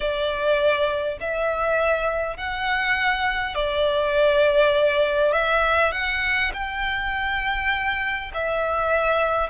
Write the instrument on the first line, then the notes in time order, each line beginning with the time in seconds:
violin
0.00 D5
1.20 E5
2.37 F#5
3.55 D5
5.32 E5
5.92 F#5
6.53 G5
8.34 E5